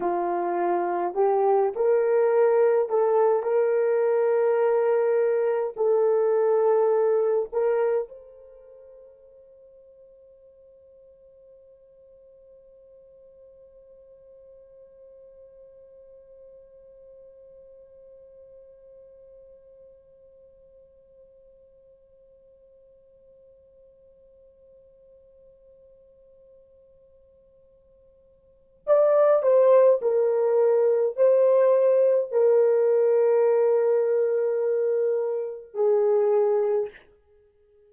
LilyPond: \new Staff \with { instrumentName = "horn" } { \time 4/4 \tempo 4 = 52 f'4 g'8 ais'4 a'8 ais'4~ | ais'4 a'4. ais'8 c''4~ | c''1~ | c''1~ |
c''1~ | c''1~ | c''4 d''8 c''8 ais'4 c''4 | ais'2. gis'4 | }